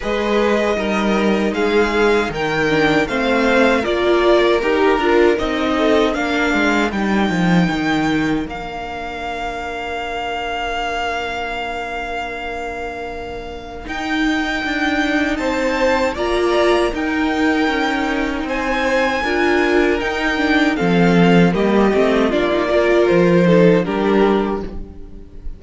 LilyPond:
<<
  \new Staff \with { instrumentName = "violin" } { \time 4/4 \tempo 4 = 78 dis''2 f''4 g''4 | f''4 d''4 ais'4 dis''4 | f''4 g''2 f''4~ | f''1~ |
f''2 g''2 | a''4 ais''4 g''2 | gis''2 g''4 f''4 | dis''4 d''4 c''4 ais'4 | }
  \new Staff \with { instrumentName = "violin" } { \time 4/4 b'4 ais'4 gis'4 ais'4 | c''4 ais'2~ ais'8 a'8 | ais'1~ | ais'1~ |
ais'1 | c''4 d''4 ais'2 | c''4 ais'2 a'4 | g'4 f'8 ais'4 a'8 g'4 | }
  \new Staff \with { instrumentName = "viola" } { \time 4/4 gis'4 dis'2~ dis'8 d'8 | c'4 f'4 g'8 f'8 dis'4 | d'4 dis'2 d'4~ | d'1~ |
d'2 dis'2~ | dis'4 f'4 dis'2~ | dis'4 f'4 dis'8 d'8 c'4 | ais8 c'8 d'16 dis'16 f'4 dis'8 d'4 | }
  \new Staff \with { instrumentName = "cello" } { \time 4/4 gis4 g4 gis4 dis4 | a4 ais4 dis'8 d'8 c'4 | ais8 gis8 g8 f8 dis4 ais4~ | ais1~ |
ais2 dis'4 d'4 | c'4 ais4 dis'4 cis'4 | c'4 d'4 dis'4 f4 | g8 a8 ais4 f4 g4 | }
>>